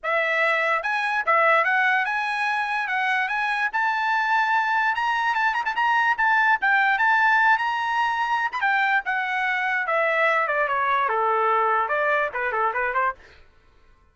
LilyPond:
\new Staff \with { instrumentName = "trumpet" } { \time 4/4 \tempo 4 = 146 e''2 gis''4 e''4 | fis''4 gis''2 fis''4 | gis''4 a''2. | ais''4 a''8 ais''16 a''16 ais''4 a''4 |
g''4 a''4. ais''4.~ | ais''8. b''16 g''4 fis''2 | e''4. d''8 cis''4 a'4~ | a'4 d''4 b'8 a'8 b'8 c''8 | }